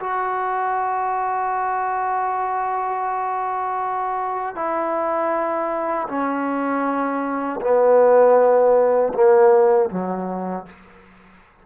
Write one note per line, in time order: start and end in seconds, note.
0.00 4.56 F#4
4.56 6.08 E4
6.08 7.60 C#4
7.61 9.13 B3
9.14 9.90 A#3
9.90 10.66 F#3